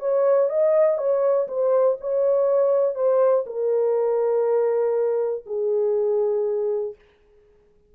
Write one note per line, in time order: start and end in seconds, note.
0.00 0.49 C#5
0.49 0.98 D#5
0.98 1.48 C#5
1.48 1.97 C5
2.01 2.95 C#5
2.95 3.45 C5
3.46 5.45 A#4
5.46 6.95 G#4